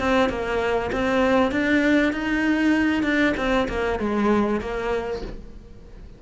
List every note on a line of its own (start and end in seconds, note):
0.00 0.30 C4
0.30 0.91 A#3
0.93 1.52 C4
1.52 2.13 D4
2.13 3.04 D#4
3.04 3.34 D4
3.38 3.68 C4
3.69 4.00 A#3
4.00 4.61 G#3
4.61 5.22 A#3